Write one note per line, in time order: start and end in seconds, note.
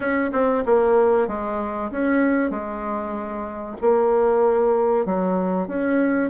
0.00 0.30 C#4
0.32 0.64 C4
0.65 1.27 A#3
1.27 1.91 G#3
1.91 2.50 C#4
2.50 3.76 G#3
3.81 5.05 A#3
5.05 5.67 F#3
5.67 6.30 C#4